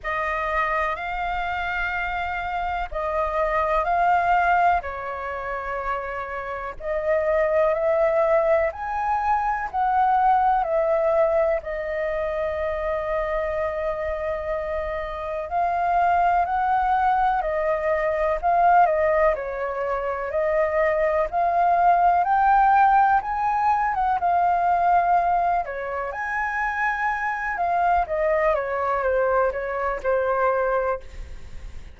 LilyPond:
\new Staff \with { instrumentName = "flute" } { \time 4/4 \tempo 4 = 62 dis''4 f''2 dis''4 | f''4 cis''2 dis''4 | e''4 gis''4 fis''4 e''4 | dis''1 |
f''4 fis''4 dis''4 f''8 dis''8 | cis''4 dis''4 f''4 g''4 | gis''8. fis''16 f''4. cis''8 gis''4~ | gis''8 f''8 dis''8 cis''8 c''8 cis''8 c''4 | }